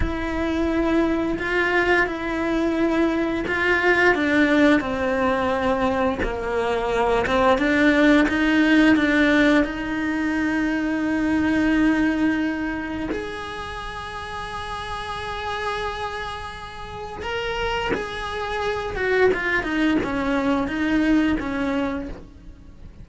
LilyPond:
\new Staff \with { instrumentName = "cello" } { \time 4/4 \tempo 4 = 87 e'2 f'4 e'4~ | e'4 f'4 d'4 c'4~ | c'4 ais4. c'8 d'4 | dis'4 d'4 dis'2~ |
dis'2. gis'4~ | gis'1~ | gis'4 ais'4 gis'4. fis'8 | f'8 dis'8 cis'4 dis'4 cis'4 | }